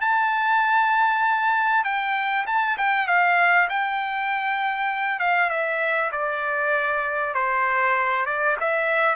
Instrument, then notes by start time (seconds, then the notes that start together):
trumpet
0.00 A5
1.84 G5
2.46 A5
2.77 G5
3.07 F5
3.69 G5
5.19 F5
5.49 E5
6.11 D5
7.34 C5
8.25 D5
8.60 E5